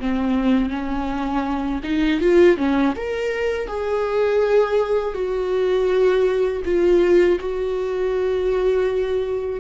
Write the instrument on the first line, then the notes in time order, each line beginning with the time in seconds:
viola
0.00 C4
0.70 C#4
1.84 D#4
2.21 F4
2.57 C#4
2.96 A#4
3.68 G#4
5.14 F#4
6.65 F4
7.40 F#4